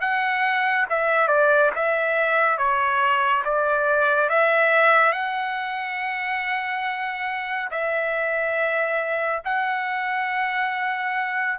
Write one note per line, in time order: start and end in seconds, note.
0.00 0.86 F#5
0.89 1.27 E5
1.27 1.70 D5
1.75 2.57 E5
2.57 3.43 C#5
3.44 4.29 D5
4.29 5.12 E5
5.12 7.69 F#5
7.71 9.42 E5
9.44 11.58 F#5